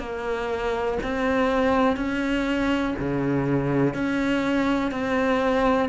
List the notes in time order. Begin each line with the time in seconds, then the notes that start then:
0.00 A#3
1.03 C4
1.97 C#4
3.00 C#3
3.94 C#4
4.92 C4